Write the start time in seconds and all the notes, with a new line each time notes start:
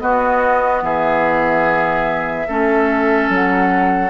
0.00 B3 F#4 D#5
0.83 E3 G#4 E5
2.48 A3 C#4 A4
3.30 F#3 F#5